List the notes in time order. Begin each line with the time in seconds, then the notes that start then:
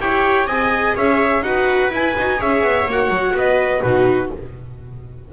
0.00 E4 G4 C#5 G5
0.46 C4 G#4 D#5 G#5
0.95 C#4 C#5 E5
1.41 D#4 F#4 B4 F#5
1.90 E4 G#5
2.17 D#4 F#4
2.37 C#4 G#4 C#5 E5
2.62 B3
2.86 A#3 F#4 F#5
3.08 F#3
3.33 B3 B4 D#5
3.82 B2 D#4 F#4 B4